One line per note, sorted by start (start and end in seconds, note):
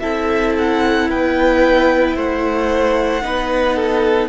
0.00 1.11 C4
0.00 3.22 E4
0.00 1.09 A4
0.00 0.54 E5
0.58 1.11 F#5
1.10 2.17 B3
1.10 2.16 B4
1.10 2.18 G5
2.16 3.23 A3
2.16 3.23 C5
2.16 4.29 F#5
3.22 4.29 B3
3.22 4.29 D#4
3.22 3.76 B4
3.76 4.29 A4